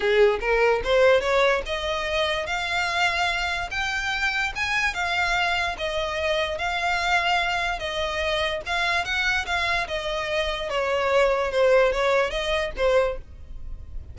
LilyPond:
\new Staff \with { instrumentName = "violin" } { \time 4/4 \tempo 4 = 146 gis'4 ais'4 c''4 cis''4 | dis''2 f''2~ | f''4 g''2 gis''4 | f''2 dis''2 |
f''2. dis''4~ | dis''4 f''4 fis''4 f''4 | dis''2 cis''2 | c''4 cis''4 dis''4 c''4 | }